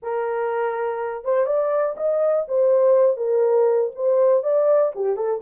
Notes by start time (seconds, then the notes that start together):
0.02 A#4
1.24 C5
1.46 D5
1.96 D#5
2.47 C5
3.17 A#4
3.95 C5
4.43 D5
4.95 G4
5.16 A4